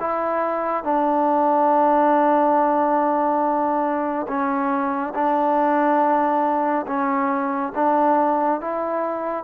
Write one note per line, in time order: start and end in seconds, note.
0.00 0.84 E4
0.84 4.27 D4
4.28 5.14 C#4
5.15 6.86 D4
6.87 7.73 C#4
7.75 8.61 D4
8.61 9.44 E4